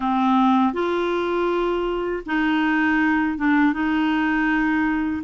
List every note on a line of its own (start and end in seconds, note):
0.00 0.73 C4
0.73 2.23 F4
2.26 3.38 D#4
3.38 3.73 D4
3.73 5.23 D#4